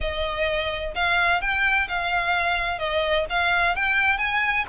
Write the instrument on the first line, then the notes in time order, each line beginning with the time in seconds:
violin
0.00 D#5
0.94 F5
1.41 G5
1.88 F5
2.78 D#5
3.29 F5
3.75 G5
4.18 G#5